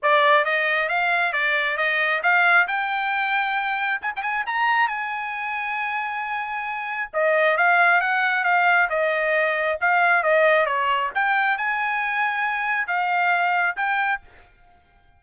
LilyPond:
\new Staff \with { instrumentName = "trumpet" } { \time 4/4 \tempo 4 = 135 d''4 dis''4 f''4 d''4 | dis''4 f''4 g''2~ | g''4 gis''16 g''16 gis''8 ais''4 gis''4~ | gis''1 |
dis''4 f''4 fis''4 f''4 | dis''2 f''4 dis''4 | cis''4 g''4 gis''2~ | gis''4 f''2 g''4 | }